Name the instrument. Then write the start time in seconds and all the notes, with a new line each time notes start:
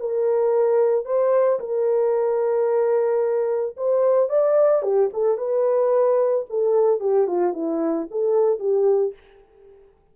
horn
0.00 A#4
1.06 C5
1.60 A#4
3.77 C5
4.30 D5
4.83 G4
5.14 A4
5.38 B4
6.50 A4
7.00 G4
7.27 F4
7.54 E4
8.11 A4
8.60 G4